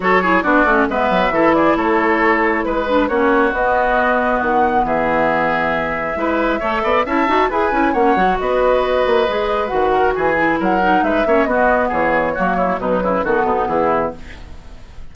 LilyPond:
<<
  \new Staff \with { instrumentName = "flute" } { \time 4/4 \tempo 4 = 136 cis''4 d''4 e''4. d''8 | cis''2 b'4 cis''4 | dis''2 fis''4 e''4~ | e''1 |
a''4 gis''4 fis''4 dis''4~ | dis''2 fis''4 gis''4 | fis''4 e''4 dis''4 cis''4~ | cis''4 b'4 a'4 gis'4 | }
  \new Staff \with { instrumentName = "oboe" } { \time 4/4 a'8 gis'8 fis'4 b'4 a'8 gis'8 | a'2 b'4 fis'4~ | fis'2. gis'4~ | gis'2 b'4 cis''8 d''8 |
e''4 b'4 cis''4 b'4~ | b'2~ b'8 ais'8 gis'4 | ais'4 b'8 cis''8 fis'4 gis'4 | fis'8 e'8 dis'8 e'8 fis'8 dis'8 e'4 | }
  \new Staff \with { instrumentName = "clarinet" } { \time 4/4 fis'8 e'8 d'8 cis'8 b4 e'4~ | e'2~ e'8 d'8 cis'4 | b1~ | b2 e'4 a'4 |
e'8 fis'8 gis'8 e'8 cis'8 fis'4.~ | fis'4 gis'4 fis'4. e'8~ | e'8 dis'4 cis'8 b2 | ais4 fis4 b2 | }
  \new Staff \with { instrumentName = "bassoon" } { \time 4/4 fis4 b8 a8 gis8 fis8 e4 | a2 gis4 ais4 | b2 dis4 e4~ | e2 gis4 a8 b8 |
cis'8 dis'8 e'8 cis'8 ais8 fis8 b4~ | b8 ais8 gis4 dis4 e4 | fis4 gis8 ais8 b4 e4 | fis4 b,8 cis8 dis8 b,8 e4 | }
>>